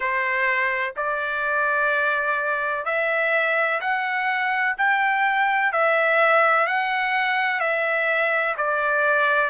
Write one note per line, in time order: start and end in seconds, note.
0.00 0.94 C5
0.96 2.85 D5
2.85 3.80 E5
3.81 4.76 F#5
4.77 5.72 G5
5.72 6.66 E5
6.66 7.59 F#5
7.59 8.55 E5
8.57 9.50 D5